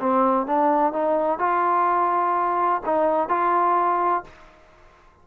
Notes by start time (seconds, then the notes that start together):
0.00 C4
0.47 D4
0.93 D#4
1.39 F4
2.86 D#4
3.29 F4